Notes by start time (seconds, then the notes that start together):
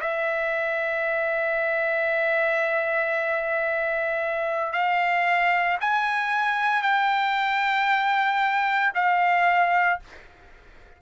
0.00 E5
4.72 F5
5.80 G#5
6.82 G5
8.94 F5